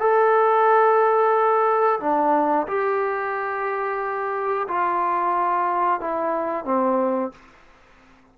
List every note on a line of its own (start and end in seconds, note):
0.00 2.00 A4
2.00 2.67 D4
2.68 4.68 G4
4.68 6.01 F4
6.01 6.65 E4
6.65 7.32 C4